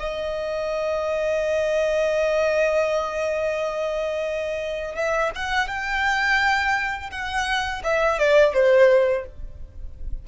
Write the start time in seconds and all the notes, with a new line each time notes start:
0.00 D#5
4.95 E5
5.36 F#5
5.68 G5
7.11 F#5
7.84 E5
8.19 D5
8.54 C5